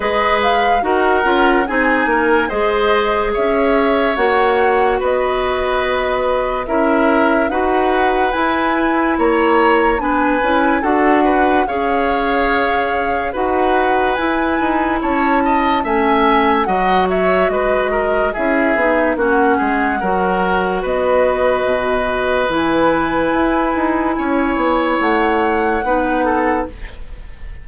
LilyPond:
<<
  \new Staff \with { instrumentName = "flute" } { \time 4/4 \tempo 4 = 72 dis''8 f''8 fis''4 gis''4 dis''4 | e''4 fis''4 dis''2 | e''4 fis''4 gis''4 ais''4 | gis''4 fis''4 f''2 |
fis''4 gis''4 a''4 gis''4 | fis''8 e''8 dis''4 e''4 fis''4~ | fis''4 dis''2 gis''4~ | gis''2 fis''2 | }
  \new Staff \with { instrumentName = "oboe" } { \time 4/4 b'4 ais'4 gis'8 ais'8 c''4 | cis''2 b'2 | ais'4 b'2 cis''4 | b'4 a'8 b'8 cis''2 |
b'2 cis''8 dis''8 e''4 | dis''8 cis''8 b'8 ais'8 gis'4 fis'8 gis'8 | ais'4 b'2.~ | b'4 cis''2 b'8 a'8 | }
  \new Staff \with { instrumentName = "clarinet" } { \time 4/4 gis'4 fis'8 f'8 dis'4 gis'4~ | gis'4 fis'2. | e'4 fis'4 e'2 | d'8 e'8 fis'4 gis'2 |
fis'4 e'2 cis'4 | fis'2 e'8 dis'8 cis'4 | fis'2. e'4~ | e'2. dis'4 | }
  \new Staff \with { instrumentName = "bassoon" } { \time 4/4 gis4 dis'8 cis'8 c'8 ais8 gis4 | cis'4 ais4 b2 | cis'4 dis'4 e'4 ais4 | b8 cis'8 d'4 cis'2 |
dis'4 e'8 dis'8 cis'4 a4 | fis4 gis4 cis'8 b8 ais8 gis8 | fis4 b4 b,4 e4 | e'8 dis'8 cis'8 b8 a4 b4 | }
>>